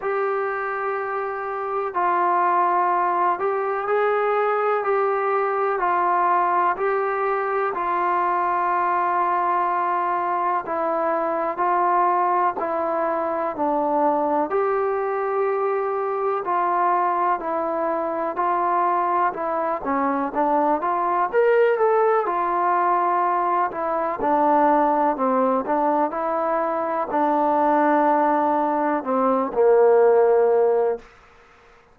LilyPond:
\new Staff \with { instrumentName = "trombone" } { \time 4/4 \tempo 4 = 62 g'2 f'4. g'8 | gis'4 g'4 f'4 g'4 | f'2. e'4 | f'4 e'4 d'4 g'4~ |
g'4 f'4 e'4 f'4 | e'8 cis'8 d'8 f'8 ais'8 a'8 f'4~ | f'8 e'8 d'4 c'8 d'8 e'4 | d'2 c'8 ais4. | }